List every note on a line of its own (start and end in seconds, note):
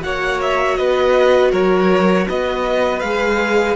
0.00 0.78 A#3
0.00 3.00 F#4
0.00 0.78 C#5
0.00 0.40 F#5
0.41 0.76 E5
0.76 1.52 B3
0.76 1.51 B4
0.76 1.51 D#5
1.51 2.27 F#3
1.51 2.26 A#4
1.51 2.27 C#5
2.28 3.02 B3
2.28 3.76 B4
2.28 3.00 D#5
3.00 3.76 G#3
3.00 3.76 G#4
3.00 3.75 F5